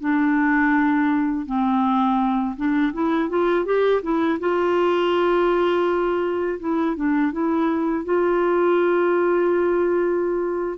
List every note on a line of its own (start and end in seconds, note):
0.00 1.46 D4
1.46 2.55 C4
2.56 2.93 D4
2.93 3.29 E4
3.29 3.65 F4
3.65 4.01 G4
4.02 4.39 E4
4.39 6.59 F4
6.60 6.96 E4
6.96 7.32 D4
7.32 8.05 E4
8.05 10.78 F4